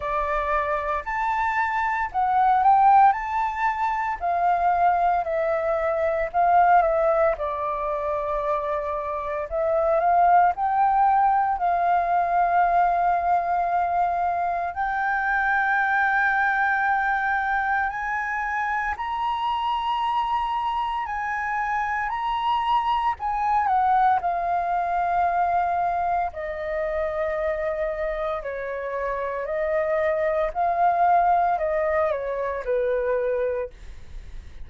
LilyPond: \new Staff \with { instrumentName = "flute" } { \time 4/4 \tempo 4 = 57 d''4 a''4 fis''8 g''8 a''4 | f''4 e''4 f''8 e''8 d''4~ | d''4 e''8 f''8 g''4 f''4~ | f''2 g''2~ |
g''4 gis''4 ais''2 | gis''4 ais''4 gis''8 fis''8 f''4~ | f''4 dis''2 cis''4 | dis''4 f''4 dis''8 cis''8 b'4 | }